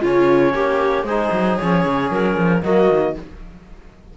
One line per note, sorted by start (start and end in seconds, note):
0.00 0.53 C#3
0.00 1.07 C#4
0.00 0.52 F4
0.00 1.05 C#5
0.53 1.03 A#3
0.53 1.06 G4
1.03 1.29 G#3
1.03 2.62 G#4
1.03 1.57 C5
1.09 1.61 D#4
1.32 1.58 F#3
1.57 1.85 F3
1.57 2.62 C#4
1.57 2.09 C#5
1.85 2.11 C#3
2.11 2.36 F#3
2.11 2.63 A#4
2.36 2.62 F3
2.62 2.89 F#3
2.62 3.14 A#3
2.62 3.16 F#4
2.62 3.15 D#5
2.90 3.16 D#3